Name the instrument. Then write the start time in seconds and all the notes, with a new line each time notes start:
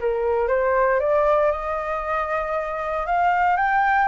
flute
0.00 A#4
0.48 C5
1.00 D5
1.51 D#5
3.06 F5
3.56 G5